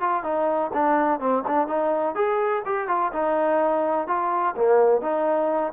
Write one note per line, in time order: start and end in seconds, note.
0.00 0.23 F4
0.23 0.71 D#4
0.73 1.20 D4
1.20 1.44 C4
1.47 1.67 D4
1.67 2.15 D#4
2.15 2.63 G#4
2.65 2.88 G4
2.88 3.12 F4
3.13 4.07 D#4
4.07 4.55 F4
4.56 5.01 A#3
5.01 5.73 D#4